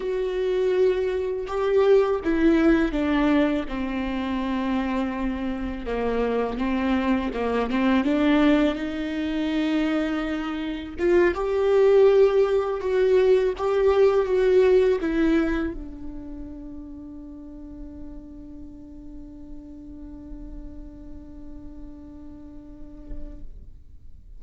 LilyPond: \new Staff \with { instrumentName = "viola" } { \time 4/4 \tempo 4 = 82 fis'2 g'4 e'4 | d'4 c'2. | ais4 c'4 ais8 c'8 d'4 | dis'2. f'8 g'8~ |
g'4. fis'4 g'4 fis'8~ | fis'8 e'4 d'2~ d'8~ | d'1~ | d'1 | }